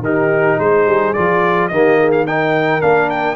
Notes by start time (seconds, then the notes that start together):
0.00 D#3 D#4 G4 A#4
0.59 G#3 G#4 C5
0.86 G3
1.14 F3 F4 D5
1.68 D#3 A#3 G4 D#5
1.99 G#4
2.12 F5
2.26 D#4 A#4 G5
2.81 A#3 D4 F5
3.10 G5